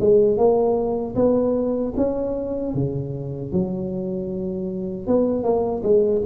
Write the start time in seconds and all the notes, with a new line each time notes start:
0.00 G#3
0.37 A#3
1.15 B3
1.97 C#4
2.74 C#3
3.52 F#3
5.07 B3
5.43 A#3
5.83 G#3